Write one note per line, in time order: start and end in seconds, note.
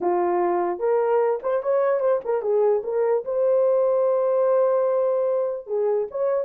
0.00 0.79 F4
0.79 1.39 A#4
1.42 1.63 C5
1.63 2.00 C#5
2.00 2.20 C5
2.24 2.41 A#4
2.41 2.82 G#4
2.83 3.24 A#4
3.24 5.66 C5
5.66 6.07 G#4
6.10 6.44 C#5